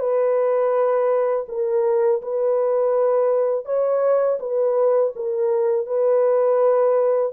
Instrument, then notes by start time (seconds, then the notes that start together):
horn
0.00 B4
1.49 A#4
2.23 B4
3.66 C#5
4.40 B4
5.16 A#4
5.87 B4